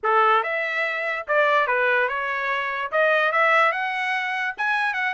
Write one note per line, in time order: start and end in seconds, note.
0.03 0.43 A4
0.43 1.26 E5
1.27 1.67 D5
1.67 2.08 B4
2.08 2.91 C#5
2.91 3.31 D#5
3.31 3.72 E5
3.72 4.54 F#5
4.57 4.93 G#5
4.93 5.13 F#5